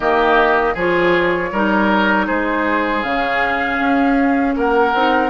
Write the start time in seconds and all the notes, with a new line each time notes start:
0.00 D#3 A#3 G4 D#5
0.74 F3 F4 G#4 C#5
1.51 G3 D#4 A#4
2.26 G#3 G#4 C5
3.02 C#3 C#4 F5
3.80 C#4
4.56 A#3 A#4 F#5
4.94 C4 D#4